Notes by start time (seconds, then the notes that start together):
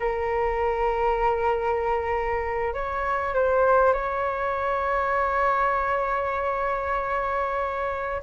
0.00 A#4
2.74 C#5
3.35 C5
3.94 C#5